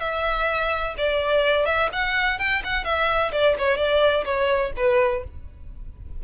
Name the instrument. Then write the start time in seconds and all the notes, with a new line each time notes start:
violin
0.00 E5
0.98 D5
1.66 E5
1.92 F#5
2.39 G5
2.64 F#5
2.84 E5
3.32 D5
3.58 C#5
3.77 D5
4.25 C#5
4.76 B4